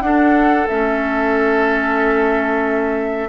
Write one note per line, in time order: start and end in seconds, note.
0.00 0.66 D4
0.00 3.29 A4
0.00 0.67 F#5
0.67 3.29 A3
0.67 3.29 C#4
0.67 3.29 E5